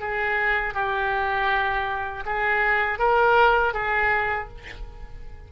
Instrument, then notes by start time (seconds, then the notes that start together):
oboe
0.00 G#4
0.74 G4
2.25 G#4
2.99 A#4
3.74 G#4